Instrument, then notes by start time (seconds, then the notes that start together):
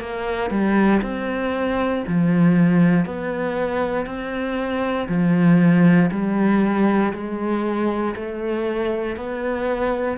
cello
0.00 A#3
0.50 G3
1.02 C4
2.07 F3
3.06 B3
4.06 C4
5.08 F3
6.11 G3
7.13 G#3
8.16 A3
9.17 B3